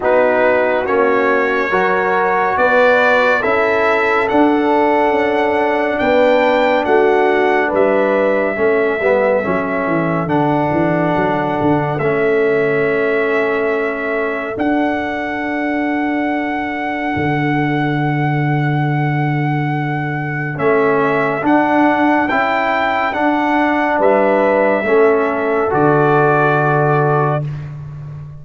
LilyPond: <<
  \new Staff \with { instrumentName = "trumpet" } { \time 4/4 \tempo 4 = 70 b'4 cis''2 d''4 | e''4 fis''2 g''4 | fis''4 e''2. | fis''2 e''2~ |
e''4 fis''2.~ | fis''1 | e''4 fis''4 g''4 fis''4 | e''2 d''2 | }
  \new Staff \with { instrumentName = "horn" } { \time 4/4 fis'2 ais'4 b'4 | a'2. b'4 | fis'4 b'4 a'2~ | a'1~ |
a'1~ | a'1~ | a'1 | b'4 a'2. | }
  \new Staff \with { instrumentName = "trombone" } { \time 4/4 dis'4 cis'4 fis'2 | e'4 d'2.~ | d'2 cis'8 b8 cis'4 | d'2 cis'2~ |
cis'4 d'2.~ | d'1 | cis'4 d'4 e'4 d'4~ | d'4 cis'4 fis'2 | }
  \new Staff \with { instrumentName = "tuba" } { \time 4/4 b4 ais4 fis4 b4 | cis'4 d'4 cis'4 b4 | a4 g4 a8 g8 fis8 e8 | d8 e8 fis8 d8 a2~ |
a4 d'2. | d1 | a4 d'4 cis'4 d'4 | g4 a4 d2 | }
>>